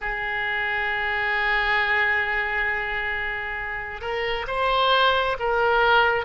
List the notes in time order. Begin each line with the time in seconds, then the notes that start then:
0.01 G#4
4.01 A#4
4.47 C5
5.39 A#4